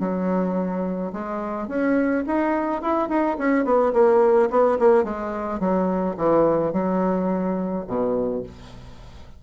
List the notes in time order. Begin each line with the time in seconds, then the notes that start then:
0.00 F#3
1.13 G#3
1.68 C#4
2.27 D#4
2.82 E4
3.09 D#4
3.39 C#4
3.65 B3
3.94 A#3
4.51 B3
4.79 A#3
5.04 G#3
5.60 F#3
6.17 E3
6.73 F#3
7.87 B2